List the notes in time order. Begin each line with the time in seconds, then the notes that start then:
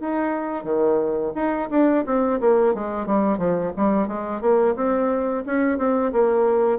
0.00 D#4
0.64 D#3
1.35 D#4
1.70 D4
2.06 C4
2.40 A#3
2.74 G#3
3.06 G3
3.38 F3
3.76 G3
4.08 G#3
4.41 A#3
4.76 C4
5.46 C#4
5.78 C4
6.12 A#3